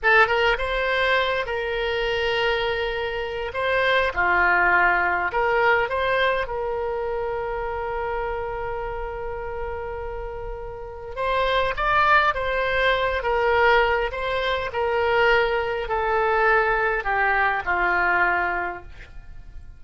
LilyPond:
\new Staff \with { instrumentName = "oboe" } { \time 4/4 \tempo 4 = 102 a'8 ais'8 c''4. ais'4.~ | ais'2 c''4 f'4~ | f'4 ais'4 c''4 ais'4~ | ais'1~ |
ais'2. c''4 | d''4 c''4. ais'4. | c''4 ais'2 a'4~ | a'4 g'4 f'2 | }